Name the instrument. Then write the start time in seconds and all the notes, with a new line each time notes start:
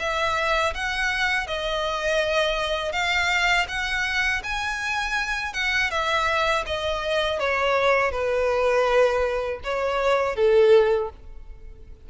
violin
0.00 E5
0.74 F#5
1.47 D#5
2.93 F5
3.69 F#5
4.44 G#5
5.54 F#5
5.91 E5
6.67 D#5
7.40 C#5
8.12 B4
9.64 C#5
10.36 A4